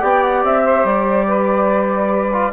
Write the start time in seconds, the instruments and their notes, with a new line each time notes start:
0.00 bassoon B3, trombone G4, saxophone D5, flute G5
0.23 flute F#5
0.44 bassoon C4, flute E5
0.64 saxophone C5
0.85 bassoon G3, flute D5
1.28 saxophone B4
2.33 trombone F4